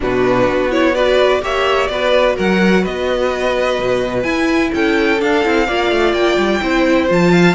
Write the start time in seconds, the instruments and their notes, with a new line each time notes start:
0.00 cello B2, viola D4, violin F#4 B4
0.46 cello B3
0.70 viola E4, violin C#5
0.94 viola F#4, violin B4 D5
1.41 cello A#3, viola G4, violin C#5 E5
1.87 cello B3, viola F#4, violin B4 D5
2.36 cello F#3, violin A#4 F#5
2.81 cello B3, violin B4 D#5
3.79 cello B2
4.22 viola E4, cello E4, violin G#5
4.74 cello C#4, violin A4 G5
5.19 viola D4, cello D4, violin F5
5.43 cello C4, viola E4
5.67 cello A#3, viola F4, violin D5
5.91 cello A3
6.12 cello A#3, violin G5
6.37 cello G3
6.61 cello C4, viola E4, violin C5
7.08 cello F3, viola F4, violin A5
7.31 violin F5